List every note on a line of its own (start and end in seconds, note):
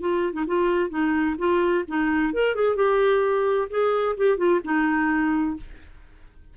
0.00 0.33 F4
0.33 0.45 D#4
0.47 0.90 F4
0.90 1.36 D#4
1.38 1.84 F4
1.88 2.33 D#4
2.33 2.55 A#4
2.55 2.76 G#4
2.76 3.68 G4
3.70 4.16 G#4
4.17 4.37 G4
4.37 4.60 F4
4.64 5.57 D#4